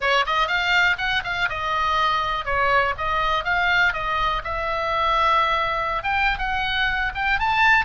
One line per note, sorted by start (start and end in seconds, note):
0.00 0.25 C#5
0.26 0.47 D#5
0.47 0.97 F5
0.98 1.22 F#5
1.24 1.48 F5
1.49 2.45 D#5
2.45 2.94 C#5
2.97 3.44 D#5
3.44 3.93 F5
3.93 4.42 D#5
4.44 6.03 E5
6.03 6.38 G5
6.38 7.12 F#5
7.14 7.39 G5
7.39 7.85 A5